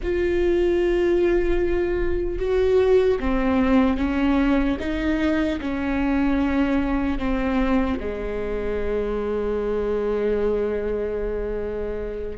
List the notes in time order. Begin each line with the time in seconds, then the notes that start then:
0.02 F4
2.39 F#4
3.19 C4
3.97 C#4
4.79 D#4
5.60 C#4
7.18 C4
7.99 G#3